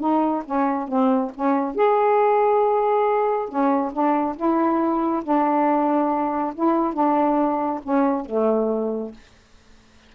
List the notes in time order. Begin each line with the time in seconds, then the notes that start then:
0.00 D#4
0.45 C#4
0.88 C4
1.35 C#4
1.76 G#4
3.49 C#4
3.93 D4
4.37 E4
5.24 D4
6.55 E4
6.94 D4
7.84 C#4
8.26 A3